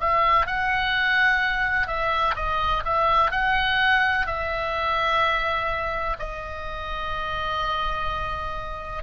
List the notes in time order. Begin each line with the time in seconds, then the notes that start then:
0.00 E5
0.46 F#5
1.87 E5
2.35 D#5
2.85 E5
3.31 F#5
4.26 E5
6.19 D#5